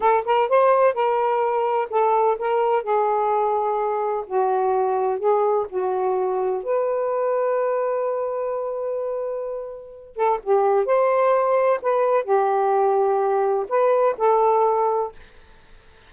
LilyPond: \new Staff \with { instrumentName = "saxophone" } { \time 4/4 \tempo 4 = 127 a'8 ais'8 c''4 ais'2 | a'4 ais'4 gis'2~ | gis'4 fis'2 gis'4 | fis'2 b'2~ |
b'1~ | b'4. a'8 g'4 c''4~ | c''4 b'4 g'2~ | g'4 b'4 a'2 | }